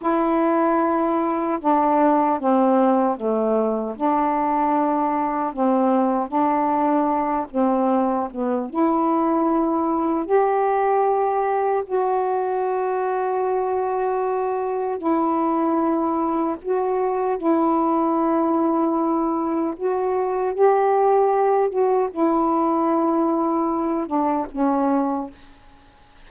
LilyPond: \new Staff \with { instrumentName = "saxophone" } { \time 4/4 \tempo 4 = 76 e'2 d'4 c'4 | a4 d'2 c'4 | d'4. c'4 b8 e'4~ | e'4 g'2 fis'4~ |
fis'2. e'4~ | e'4 fis'4 e'2~ | e'4 fis'4 g'4. fis'8 | e'2~ e'8 d'8 cis'4 | }